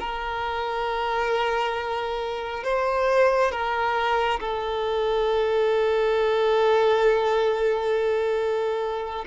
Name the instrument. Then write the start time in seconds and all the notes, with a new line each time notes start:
violin
0.00 A#4
2.64 C5
3.52 A#4
4.40 A4